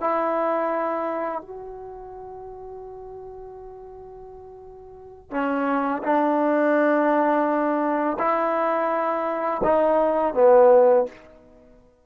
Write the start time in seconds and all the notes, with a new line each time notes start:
0.00 E4
1.41 F#4
5.31 C#4
6.03 D4
8.19 E4
9.64 D#4
10.34 B3